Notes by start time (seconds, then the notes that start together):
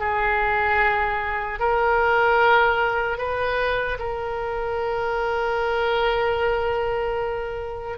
0.00 G#4
1.60 A#4
3.18 B4
3.99 A#4